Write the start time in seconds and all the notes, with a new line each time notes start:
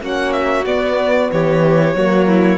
0.00 A#3 C#4 F#4 F#5
0.33 E5
0.66 B3 D5
1.32 E3 G4 C#5
1.95 F#3 A#3 F#4
2.27 E4